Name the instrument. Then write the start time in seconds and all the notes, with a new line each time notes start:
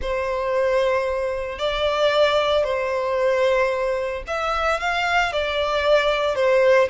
violin
0.01 C5
1.58 D5
2.64 C5
4.27 E5
4.80 F5
5.32 D5
6.35 C5